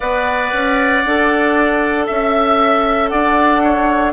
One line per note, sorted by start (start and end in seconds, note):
0.00 0.52 B3
0.00 1.04 B4
0.00 2.05 D5
0.00 2.07 F#5
0.53 1.04 C#4
1.05 2.08 D4
1.05 4.12 A4
2.06 3.11 C#4
2.06 3.09 E5
2.06 3.08 E5
3.08 4.12 D4
3.08 3.62 D5
3.08 4.11 F#5
3.63 4.12 C#5